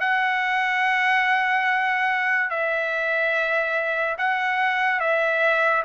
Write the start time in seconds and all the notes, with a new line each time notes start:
0.00 F#5
2.50 E5
4.18 F#5
5.00 E5